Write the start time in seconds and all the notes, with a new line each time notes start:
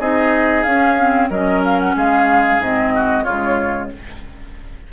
0.00 C4 D#4 G#4 D#5
0.64 C#4 F5
0.99 C4
1.30 F#3 C#4 A#4 D#5
1.65 F5
1.80 F#5
1.96 G#3 G#4 F5
2.60 G#2 C4 D#5
2.95 F#4
3.24 C#3 G#3 F4 C#5